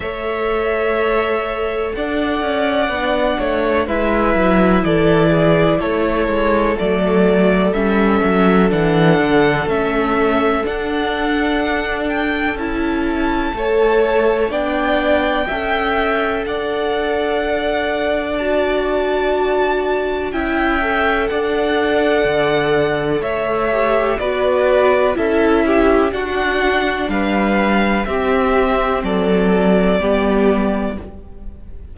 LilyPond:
<<
  \new Staff \with { instrumentName = "violin" } { \time 4/4 \tempo 4 = 62 e''2 fis''2 | e''4 d''4 cis''4 d''4 | e''4 fis''4 e''4 fis''4~ | fis''8 g''8 a''2 g''4~ |
g''4 fis''2 a''4~ | a''4 g''4 fis''2 | e''4 d''4 e''4 fis''4 | f''4 e''4 d''2 | }
  \new Staff \with { instrumentName = "violin" } { \time 4/4 cis''2 d''4. cis''8 | b'4 a'8 gis'8 a'2~ | a'1~ | a'2 cis''4 d''4 |
e''4 d''2.~ | d''4 e''4 d''2 | cis''4 b'4 a'8 g'8 fis'4 | b'4 g'4 a'4 g'4 | }
  \new Staff \with { instrumentName = "viola" } { \time 4/4 a'2. d'4 | e'2. a4 | cis'4 d'4 cis'4 d'4~ | d'4 e'4 a'4 d'4 |
a'2. fis'4~ | fis'4 e'8 a'2~ a'8~ | a'8 g'8 fis'4 e'4 d'4~ | d'4 c'2 b4 | }
  \new Staff \with { instrumentName = "cello" } { \time 4/4 a2 d'8 cis'8 b8 a8 | gis8 fis8 e4 a8 gis8 fis4 | g8 fis8 e8 d8 a4 d'4~ | d'4 cis'4 a4 b4 |
cis'4 d'2.~ | d'4 cis'4 d'4 d4 | a4 b4 cis'4 d'4 | g4 c'4 fis4 g4 | }
>>